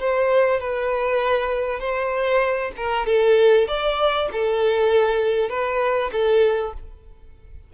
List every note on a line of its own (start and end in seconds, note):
0.00 0.60 C5
0.60 1.80 B4
1.80 2.72 C5
2.77 3.06 A#4
3.06 3.68 A4
3.68 4.29 D5
4.32 5.49 A4
5.49 6.11 B4
6.12 6.73 A4